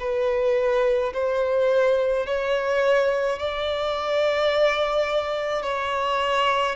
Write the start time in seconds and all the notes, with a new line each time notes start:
0.00 B4
1.14 C5
2.26 C#5
3.39 D5
5.62 C#5